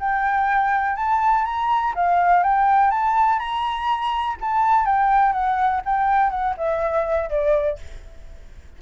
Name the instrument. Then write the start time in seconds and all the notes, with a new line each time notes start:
flute
0.00 G5
0.96 A5
1.45 A#5
1.96 F5
2.44 G5
2.91 A5
3.39 A#5
4.41 A5
4.86 G5
5.33 F#5
5.86 G5
6.31 F#5
6.58 E5
7.30 D5